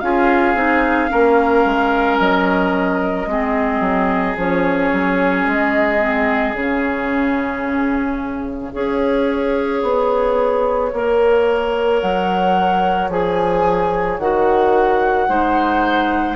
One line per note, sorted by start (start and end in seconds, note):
0.00 0.55 C#4
0.00 0.56 F4
0.00 1.11 G#4
0.00 2.18 F5
0.55 1.09 C4
0.55 1.09 D#4
1.09 1.65 A#3
1.09 3.27 C#4
1.09 3.29 A#4
1.65 2.19 G#3
2.19 3.26 F#3
2.19 4.37 D#5
3.26 3.80 G#3
3.26 4.37 C4
3.26 8.73 G#4
3.80 4.35 F#3
4.36 4.91 F3
4.36 6.00 C#4
4.36 5.48 C#5
4.93 5.47 F#3
5.47 6.54 G#3
5.47 6.55 D#5
6.00 6.54 C4
6.54 8.72 C#3
6.54 8.73 C#4
6.54 12.00 F5
8.73 9.83 C#4
8.73 10.91 G#4
8.73 15.28 C#5
9.83 10.92 B3
10.93 12.02 A#3
10.93 13.11 A#4
12.00 13.09 F#3
12.00 13.09 F#5
13.09 14.18 F3
13.09 14.20 G#4
13.09 14.19 G#5
14.19 15.28 D#3
14.19 15.29 F#4
14.19 16.35 F#5
15.29 16.35 G#3
15.29 16.35 D#4
15.29 16.35 C5